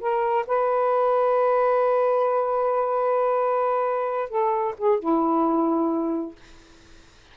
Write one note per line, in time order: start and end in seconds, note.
0.00 0.45 A#4
0.47 4.29 B4
4.29 4.75 A4
4.78 4.99 G#4
4.99 6.36 E4